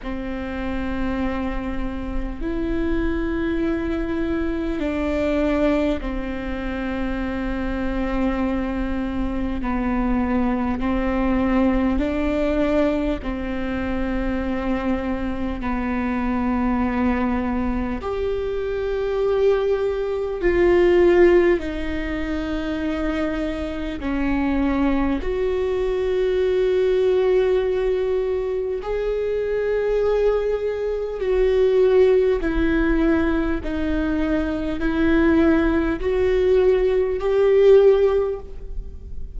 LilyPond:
\new Staff \with { instrumentName = "viola" } { \time 4/4 \tempo 4 = 50 c'2 e'2 | d'4 c'2. | b4 c'4 d'4 c'4~ | c'4 b2 g'4~ |
g'4 f'4 dis'2 | cis'4 fis'2. | gis'2 fis'4 e'4 | dis'4 e'4 fis'4 g'4 | }